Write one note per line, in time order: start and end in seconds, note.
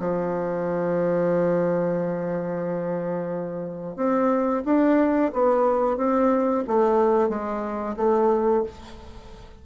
0.00 3.97 F3
3.97 4.64 C4
4.65 5.32 D4
5.33 5.98 B3
5.98 6.64 C4
6.68 7.29 A3
7.29 7.96 G#3
7.97 8.64 A3